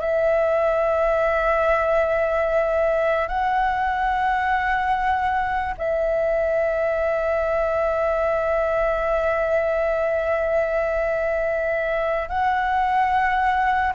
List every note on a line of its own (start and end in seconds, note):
0.00 3.28 E5
3.28 5.75 F#5
5.78 12.28 E5
12.28 13.93 F#5